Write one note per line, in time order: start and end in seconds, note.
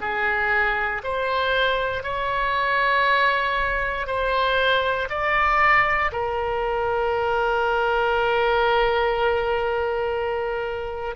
0.00 1.02 G#4
1.03 2.03 C5
2.03 4.06 C#5
4.06 5.08 C5
5.09 6.11 D5
6.12 11.15 A#4